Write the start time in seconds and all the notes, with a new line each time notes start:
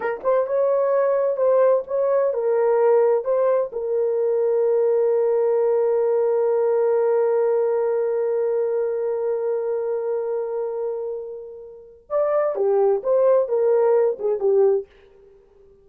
0.00 A#4
0.23 C5
0.46 C#5
1.36 C5
1.87 C#5
2.33 A#4
3.24 C5
3.72 A#4
12.09 D5
12.55 G4
13.03 C5
13.48 A#4
14.19 G#4
14.39 G4